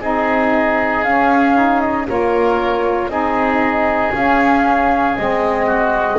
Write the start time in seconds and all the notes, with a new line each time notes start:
0.00 C4 D#4 G#4 D#5
1.04 C#4 F5
1.55 D#4
1.81 D#5
2.07 A#3 F4 A#4 C#5
3.08 C4 D#4 G#4 D#5
4.13 C#4 F5
5.17 G#3 C4 D#5
5.66 F#4